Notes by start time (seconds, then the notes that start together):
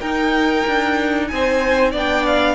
0.00 D#4 A#4 G5
0.67 D4
1.28 C4 G#5
1.34 C5
1.91 B3 D4 D5 G5
2.26 F5